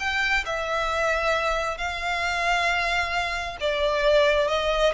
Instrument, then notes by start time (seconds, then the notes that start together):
violin
0.00 G5
0.46 E5
1.78 F5
3.61 D5
4.49 D#5